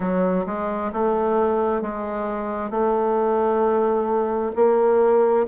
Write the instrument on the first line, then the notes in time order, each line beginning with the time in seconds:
bassoon
0.00 F#3
0.45 G#3
0.92 A3
1.81 G#3
2.70 A3
4.55 A#3